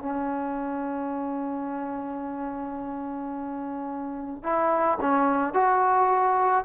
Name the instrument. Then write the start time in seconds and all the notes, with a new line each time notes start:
trombone
0.00 C#4
4.43 E4
5.02 C#4
5.54 F#4